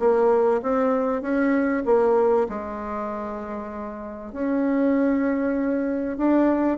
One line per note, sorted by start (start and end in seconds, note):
0.00 0.62 A#3
0.62 1.22 C4
1.22 1.84 C#4
1.86 2.48 A#3
2.49 4.33 G#3
4.33 6.18 C#4
6.18 6.78 D4